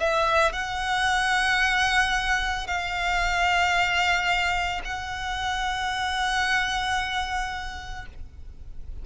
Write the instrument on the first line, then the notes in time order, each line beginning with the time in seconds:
violin
0.00 E5
0.53 F#5
2.67 F5
4.85 F#5